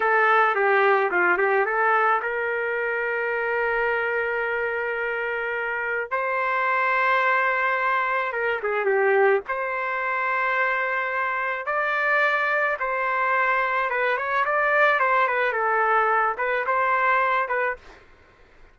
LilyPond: \new Staff \with { instrumentName = "trumpet" } { \time 4/4 \tempo 4 = 108 a'4 g'4 f'8 g'8 a'4 | ais'1~ | ais'2. c''4~ | c''2. ais'8 gis'8 |
g'4 c''2.~ | c''4 d''2 c''4~ | c''4 b'8 cis''8 d''4 c''8 b'8 | a'4. b'8 c''4. b'8 | }